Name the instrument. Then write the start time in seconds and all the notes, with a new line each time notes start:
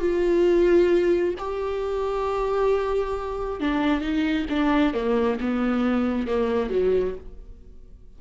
viola
0.00 F4
1.38 G4
3.60 D4
4.01 D#4
4.49 D4
4.93 A#3
5.40 B3
6.27 A#3
6.69 F#3